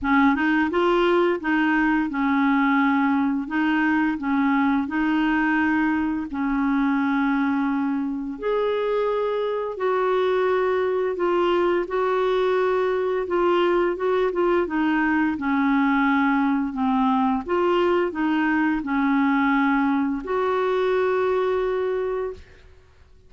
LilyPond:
\new Staff \with { instrumentName = "clarinet" } { \time 4/4 \tempo 4 = 86 cis'8 dis'8 f'4 dis'4 cis'4~ | cis'4 dis'4 cis'4 dis'4~ | dis'4 cis'2. | gis'2 fis'2 |
f'4 fis'2 f'4 | fis'8 f'8 dis'4 cis'2 | c'4 f'4 dis'4 cis'4~ | cis'4 fis'2. | }